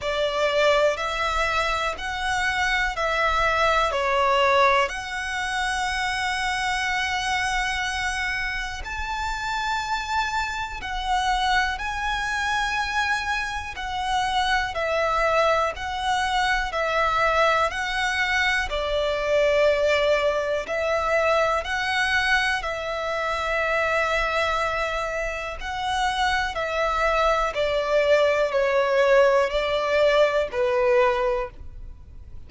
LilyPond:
\new Staff \with { instrumentName = "violin" } { \time 4/4 \tempo 4 = 61 d''4 e''4 fis''4 e''4 | cis''4 fis''2.~ | fis''4 a''2 fis''4 | gis''2 fis''4 e''4 |
fis''4 e''4 fis''4 d''4~ | d''4 e''4 fis''4 e''4~ | e''2 fis''4 e''4 | d''4 cis''4 d''4 b'4 | }